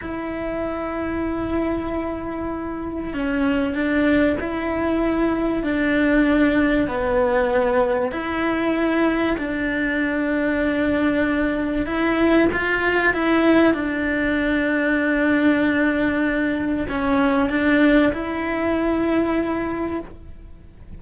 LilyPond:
\new Staff \with { instrumentName = "cello" } { \time 4/4 \tempo 4 = 96 e'1~ | e'4 cis'4 d'4 e'4~ | e'4 d'2 b4~ | b4 e'2 d'4~ |
d'2. e'4 | f'4 e'4 d'2~ | d'2. cis'4 | d'4 e'2. | }